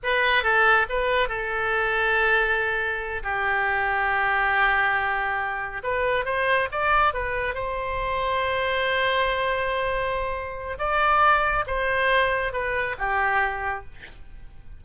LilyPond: \new Staff \with { instrumentName = "oboe" } { \time 4/4 \tempo 4 = 139 b'4 a'4 b'4 a'4~ | a'2.~ a'8 g'8~ | g'1~ | g'4. b'4 c''4 d''8~ |
d''8 b'4 c''2~ c''8~ | c''1~ | c''4 d''2 c''4~ | c''4 b'4 g'2 | }